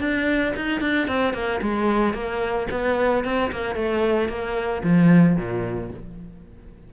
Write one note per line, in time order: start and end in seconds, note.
0.00 0.54 D4
0.56 0.81 D#4
0.81 1.08 D4
1.08 1.34 C4
1.34 1.60 A#3
1.62 2.14 G#3
2.14 2.67 A#3
2.71 3.25 B3
3.25 3.51 C4
3.52 3.75 A#3
3.75 4.29 A3
4.29 4.83 A#3
4.84 5.37 F3
5.37 5.91 A#2